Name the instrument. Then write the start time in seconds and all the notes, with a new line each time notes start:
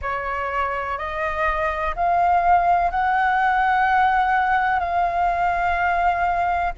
flute
0.01 C#5
0.98 D#5
1.95 F5
2.90 F#5
4.79 F5